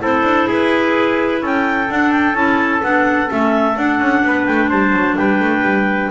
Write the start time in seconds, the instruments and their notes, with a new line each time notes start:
0.00 double bass C4, clarinet E4 C5, trumpet A4
0.24 double bass D4
0.47 double bass E4, trumpet G#4, clarinet B4
1.42 double bass C#4, trumpet A4, clarinet G5
1.90 double bass D4, clarinet D4 F#5
2.12 clarinet G5
2.35 double bass C#4, clarinet E4 A5
2.83 double bass B3, clarinet D4 F#5
3.27 double bass A3, clarinet C#4 E5
3.77 double bass D4, clarinet D4 F#5
4.00 double bass C#4
4.24 double bass B3, trumpet B4
4.46 double bass A3, clarinet G5
4.70 double bass G3, trumpet C5, clarinet A5
4.93 double bass F#3
5.17 double bass G3, trumpet B4, clarinet G5
5.40 double bass A3
5.62 double bass G3